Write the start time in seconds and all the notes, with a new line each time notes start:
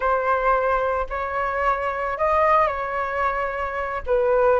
0.00 C5
1.09 C#5
2.18 D#5
2.67 C#5
4.06 B4